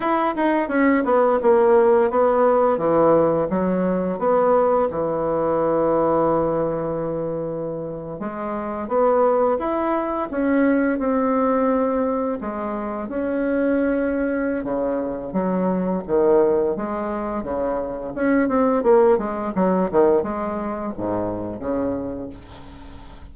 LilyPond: \new Staff \with { instrumentName = "bassoon" } { \time 4/4 \tempo 4 = 86 e'8 dis'8 cis'8 b8 ais4 b4 | e4 fis4 b4 e4~ | e2.~ e8. gis16~ | gis8. b4 e'4 cis'4 c'16~ |
c'4.~ c'16 gis4 cis'4~ cis'16~ | cis'4 cis4 fis4 dis4 | gis4 cis4 cis'8 c'8 ais8 gis8 | fis8 dis8 gis4 gis,4 cis4 | }